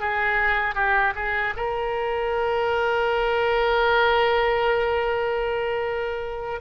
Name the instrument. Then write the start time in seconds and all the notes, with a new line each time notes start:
oboe
0.00 G#4
0.75 G4
1.15 G#4
1.57 A#4